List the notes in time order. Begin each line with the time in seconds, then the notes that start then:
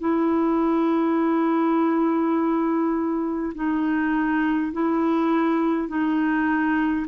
0.00 E4
3.55 D#4
4.73 E4
5.88 D#4